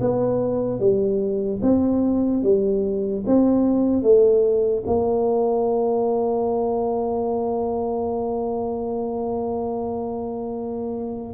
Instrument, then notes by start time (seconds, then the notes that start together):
tuba
0.00 B3
0.79 G3
1.62 C4
2.43 G3
3.26 C4
4.02 A3
4.86 A#3